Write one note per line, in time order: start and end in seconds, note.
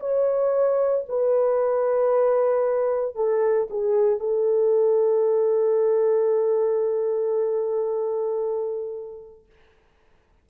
0.00 1.05 C#5
1.09 3.16 B4
3.16 3.68 A4
3.70 4.20 G#4
4.20 9.46 A4